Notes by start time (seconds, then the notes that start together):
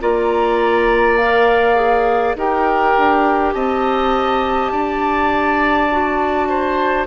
0.00 A#3 F4 D5 A#5
1.17 A#4 F5
1.75 G#4
2.35 D#4 G4 A#4 G5
2.97 D4
3.53 C4 D#5 A5
4.71 D4 D5
5.91 F#4
6.49 C5